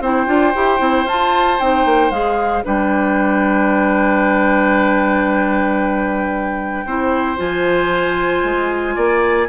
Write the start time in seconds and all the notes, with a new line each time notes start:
0.00 C4 E4 C5 G5
0.26 D4 F4
0.54 E4 G4
0.78 C4 E4
1.04 F4 A5
1.59 C4 D#4 G5
1.85 A#3
2.10 G#3 G#4 F5
2.63 G3 D4 B4 G5
6.85 C4 E4 C5
7.36 F3 F4 G#5
8.43 G#3
8.95 A#3 D5